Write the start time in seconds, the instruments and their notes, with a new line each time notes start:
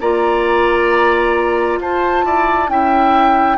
0.00 bassoon A#3, clarinet F4, oboe D5, flute A#5
1.78 bassoon F4, oboe C5, flute A5
2.24 bassoon E4, oboe D5
2.68 bassoon C#4, clarinet E4, oboe E5, flute G5